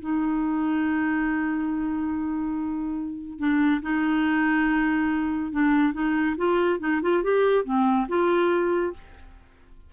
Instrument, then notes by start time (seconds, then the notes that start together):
clarinet
0.00 D#4
3.39 D4
3.82 D#4
5.52 D4
5.93 D#4
6.37 F4
6.80 D#4
7.02 F4
7.23 G4
7.65 C4
8.08 F4